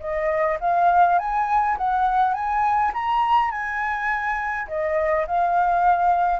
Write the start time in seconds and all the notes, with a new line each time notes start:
0.00 D#5
0.60 F5
1.19 G#5
1.78 F#5
2.34 G#5
2.94 A#5
3.51 G#5
4.68 D#5
5.27 F5